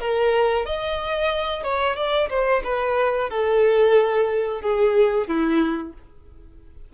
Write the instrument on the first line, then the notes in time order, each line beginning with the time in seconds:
violin
0.00 A#4
0.66 D#5
1.63 C#5
1.96 D5
2.30 C5
2.64 B4
3.30 A4
4.62 G#4
5.27 E4